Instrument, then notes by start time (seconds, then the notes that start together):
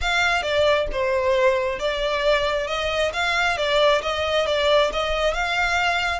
violin
0.01 F5
0.42 D5
0.92 C5
1.79 D5
2.67 D#5
3.13 F5
3.57 D5
4.02 D#5
4.46 D5
4.92 D#5
5.33 F5